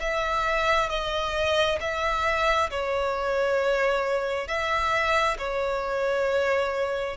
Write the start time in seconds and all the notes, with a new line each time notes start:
0.00 E5
0.89 D#5
1.81 E5
2.70 C#5
4.48 E5
5.39 C#5